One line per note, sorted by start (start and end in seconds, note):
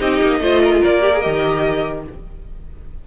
0.00 0.21 C4
0.00 0.42 D#4
0.00 0.41 G4
0.00 0.82 D#5
0.22 0.40 A#3
0.40 0.80 A3
0.40 1.02 F4
0.40 0.62 C5
0.64 0.73 A#4
0.73 0.81 G#4
0.81 1.26 A#3
0.81 2.03 A#4
0.81 1.21 D5
1.02 1.12 G4
1.13 1.22 G#4
1.21 2.08 D#3
1.21 2.04 G4
1.21 2.03 D#5